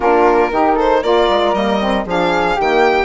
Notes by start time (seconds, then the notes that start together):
0.00 A#3 D4 F4 A#4
0.51 D#3 D#4 G4
0.74 A4 C5
1.02 A#3 F4 A#4 D5
1.29 G#3
1.53 G3 A#3 D#5
1.80 C4
2.05 F3 D4 G#4 F5
2.55 D#3 A#3 G4 G5